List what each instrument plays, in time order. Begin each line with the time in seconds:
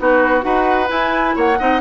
0.00 bassoon B3, clarinet D#4, oboe F#4, flute B4
0.41 bassoon D#4, clarinet F#4, oboe B4, flute F#5
0.88 clarinet E4, bassoon E4, flute G#5
1.36 bassoon A#3, oboe C#5, flute F#5
1.60 bassoon C4, clarinet D#4, oboe D#5